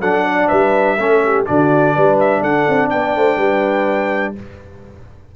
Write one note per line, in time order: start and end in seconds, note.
0.00 0.48 F#3
0.00 0.98 D4
0.00 0.24 A4
0.00 0.48 F#5
0.24 0.48 D5
0.48 0.98 G3
0.48 0.97 B4
0.48 1.45 E5
0.98 1.47 A3
0.98 1.45 C#4
0.98 1.23 A4
1.24 1.47 G4
1.45 1.97 D3
1.45 4.36 D4
1.45 1.95 F#4
1.45 2.18 D5
1.95 2.42 G3
1.95 2.41 B4
2.20 2.43 E5
2.41 2.66 D4
2.41 2.89 A4
2.41 2.89 F#5
2.68 2.93 C4
2.89 3.16 B3
2.89 3.17 D5
2.89 4.35 G5
3.16 3.37 A3
3.16 3.37 C5
3.37 4.33 G3
3.37 4.34 B4